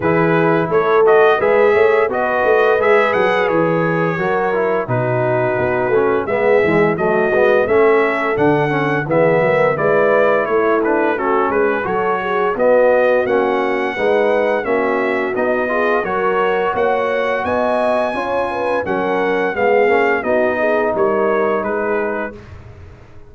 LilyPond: <<
  \new Staff \with { instrumentName = "trumpet" } { \time 4/4 \tempo 4 = 86 b'4 cis''8 dis''8 e''4 dis''4 | e''8 fis''8 cis''2 b'4~ | b'4 e''4 dis''4 e''4 | fis''4 e''4 d''4 cis''8 b'8 |
a'8 b'8 cis''4 dis''4 fis''4~ | fis''4 e''4 dis''4 cis''4 | fis''4 gis''2 fis''4 | f''4 dis''4 cis''4 b'4 | }
  \new Staff \with { instrumentName = "horn" } { \time 4/4 gis'4 a'4 b'8 cis''8 b'4~ | b'2 ais'4 fis'4~ | fis'4 gis'4 fis'4 a'4~ | a'4 gis'8 ais'8 b'4 e'4 |
fis'8 gis'8 a'8 gis'8 fis'2 | b'4 fis'4. gis'8 ais'4 | cis''4 dis''4 cis''8 b'8 ais'4 | gis'4 fis'8 gis'8 ais'4 gis'4 | }
  \new Staff \with { instrumentName = "trombone" } { \time 4/4 e'4. fis'8 gis'4 fis'4 | gis'2 fis'8 e'8 dis'4~ | dis'8 cis'8 b8 gis8 a8 b8 cis'4 | d'8 cis'8 b4 e'4. d'8 |
cis'4 fis'4 b4 cis'4 | dis'4 cis'4 dis'8 f'8 fis'4~ | fis'2 f'4 cis'4 | b8 cis'8 dis'2. | }
  \new Staff \with { instrumentName = "tuba" } { \time 4/4 e4 a4 gis8 a8 b8 a8 | gis8 fis8 e4 fis4 b,4 | b8 a8 gis8 e8 fis8 gis8 a4 | d4 e8 fis8 gis4 a4~ |
a8 gis8 fis4 b4 ais4 | gis4 ais4 b4 fis4 | ais4 b4 cis'4 fis4 | gis8 ais8 b4 g4 gis4 | }
>>